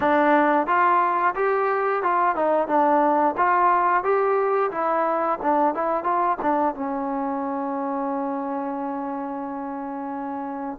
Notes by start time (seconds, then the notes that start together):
0.00 D4
0.66 F4
1.35 G4
2.02 F4
2.35 D#4
2.67 D4
3.37 F4
4.03 G4
4.71 E4
5.42 D4
5.74 E4
6.03 F4
6.41 D4
6.74 C#4